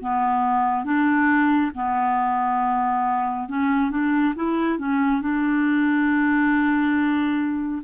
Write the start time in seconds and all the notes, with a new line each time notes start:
0.00 B3
0.85 D4
1.75 B3
3.49 C#4
3.91 D4
4.36 E4
4.78 C#4
5.21 D4